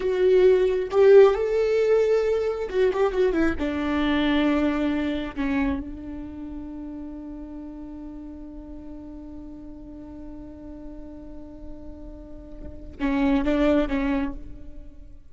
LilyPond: \new Staff \with { instrumentName = "viola" } { \time 4/4 \tempo 4 = 134 fis'2 g'4 a'4~ | a'2 fis'8 g'8 fis'8 e'8 | d'1 | cis'4 d'2.~ |
d'1~ | d'1~ | d'1~ | d'4 cis'4 d'4 cis'4 | }